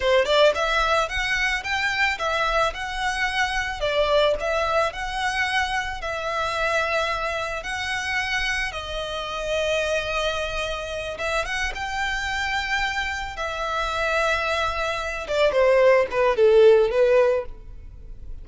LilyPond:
\new Staff \with { instrumentName = "violin" } { \time 4/4 \tempo 4 = 110 c''8 d''8 e''4 fis''4 g''4 | e''4 fis''2 d''4 | e''4 fis''2 e''4~ | e''2 fis''2 |
dis''1~ | dis''8 e''8 fis''8 g''2~ g''8~ | g''8 e''2.~ e''8 | d''8 c''4 b'8 a'4 b'4 | }